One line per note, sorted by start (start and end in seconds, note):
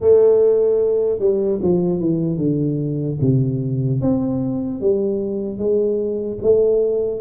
0.00 1.19 A3
1.19 1.59 G3
1.61 2.00 F3
2.00 2.37 E3
2.37 3.17 D3
3.21 4.01 C3
4.01 4.80 C4
4.80 5.58 G3
5.58 6.38 G#3
6.42 7.20 A3